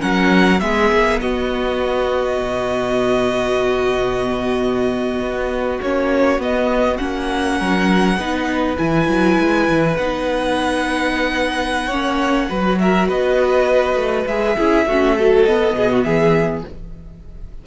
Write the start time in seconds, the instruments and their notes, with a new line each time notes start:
0.00 cello F#3, viola C#4, violin A#4 F#5
0.60 cello G#3, viola B3, violin G#4 E5
0.93 cello A#3
1.21 cello B3, violin F#4 D#5
2.41 cello B2
5.20 cello B3
5.82 cello A#3, viola C#4, violin C#5
6.38 cello B3, viola B3, violin D#5
6.98 cello A#3, viola C#4, violin F#5
7.59 cello F#3, violin A#4
8.17 cello B3, viola D#4, violin B4
8.77 cello E3, viola E4, violin G#5
9.09 cello F#3
9.39 cello G#3
9.69 cello E3
9.97 cello B3, viola D#4, violin F#5
11.87 cello A#3, viola C#4, violin C#5
12.50 cello F#3, viola F#4, violin B4
12.79 violin A#4 E5
13.08 cello B3, violin B4 D#5
13.96 cello A3
14.27 cello G#3, viola G#4, violin E5
14.57 cello C#4, viola E4, violin G#4
14.86 cello A3, viola C#4, violin F#4
15.17 viola F#3, violin A4
15.45 viola B3, cello B3, violin D#5
15.74 cello B2, violin G#4
15.92 violin F#4
16.03 cello E3, violin G#4 E5